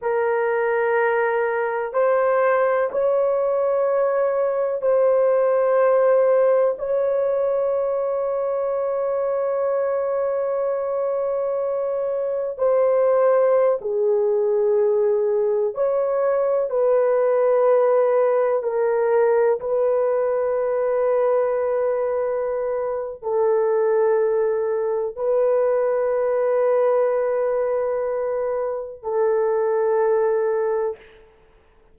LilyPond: \new Staff \with { instrumentName = "horn" } { \time 4/4 \tempo 4 = 62 ais'2 c''4 cis''4~ | cis''4 c''2 cis''4~ | cis''1~ | cis''4 c''4~ c''16 gis'4.~ gis'16~ |
gis'16 cis''4 b'2 ais'8.~ | ais'16 b'2.~ b'8. | a'2 b'2~ | b'2 a'2 | }